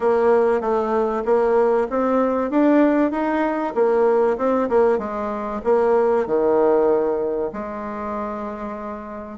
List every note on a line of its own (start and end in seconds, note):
0.00 0.61 A#3
0.61 1.23 A3
1.25 1.87 A#3
1.90 2.50 C4
2.50 3.11 D4
3.11 3.73 D#4
3.74 4.37 A#3
4.37 4.68 C4
4.69 4.98 A#3
4.98 5.61 G#3
5.64 6.26 A#3
6.26 7.51 D#3
7.52 9.38 G#3